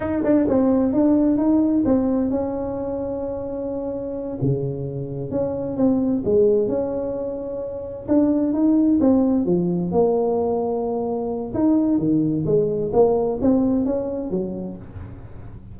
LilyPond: \new Staff \with { instrumentName = "tuba" } { \time 4/4 \tempo 4 = 130 dis'8 d'8 c'4 d'4 dis'4 | c'4 cis'2.~ | cis'4. cis2 cis'8~ | cis'8 c'4 gis4 cis'4.~ |
cis'4. d'4 dis'4 c'8~ | c'8 f4 ais2~ ais8~ | ais4 dis'4 dis4 gis4 | ais4 c'4 cis'4 fis4 | }